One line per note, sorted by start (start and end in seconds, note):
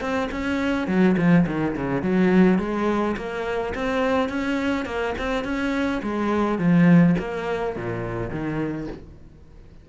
0.00 0.29 C4
0.31 0.87 C#4
0.87 1.15 F#3
1.17 1.45 F3
1.46 1.75 D#3
1.75 2.02 C#3
2.02 2.58 F#3
2.58 3.15 G#3
3.16 3.73 A#3
3.74 4.29 C4
4.29 4.85 C#4
4.85 5.14 A#3
5.18 5.44 C4
5.44 6.01 C#4
6.02 6.58 G#3
6.58 7.15 F3
7.18 7.75 A#3
7.75 8.30 A#2
8.30 8.87 D#3